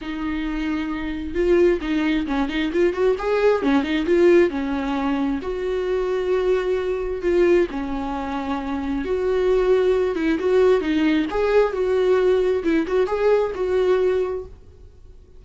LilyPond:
\new Staff \with { instrumentName = "viola" } { \time 4/4 \tempo 4 = 133 dis'2. f'4 | dis'4 cis'8 dis'8 f'8 fis'8 gis'4 | cis'8 dis'8 f'4 cis'2 | fis'1 |
f'4 cis'2. | fis'2~ fis'8 e'8 fis'4 | dis'4 gis'4 fis'2 | e'8 fis'8 gis'4 fis'2 | }